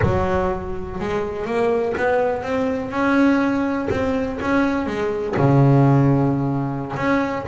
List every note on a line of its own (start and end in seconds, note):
0.02 0.99 F#3
1.00 1.45 G#3
1.45 1.94 A#3
1.97 2.43 B3
2.43 2.90 C4
2.90 3.88 C#4
3.90 4.39 C4
4.41 4.86 C#4
4.86 5.35 G#3
5.36 6.95 C#3
6.96 7.45 C#4